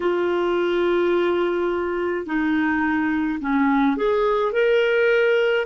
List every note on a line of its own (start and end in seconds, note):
0.00 2.25 F4
2.25 3.39 D#4
3.40 3.96 C#4
3.96 4.52 G#4
4.52 5.66 A#4